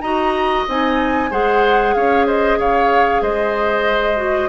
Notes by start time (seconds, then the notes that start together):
0.00 D#4 F#4 D#5 A#5
0.68 C4 D#4 G#5
1.30 G#3 G#4 C5 F#5
1.94 C#4 C#5 F5
2.26 C5 D#5
2.58 C#3 C#5 F5
3.21 G#3 C5 D#5
4.16 F#4